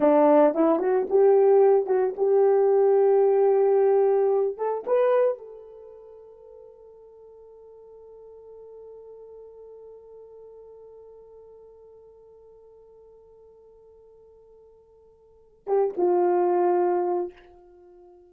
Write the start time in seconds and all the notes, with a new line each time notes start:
0.00 D4
0.54 E4
0.79 F#4
1.09 G4
1.86 F#4
2.16 G4
4.57 A4
4.86 B4
5.38 A4
15.66 G4
15.97 F4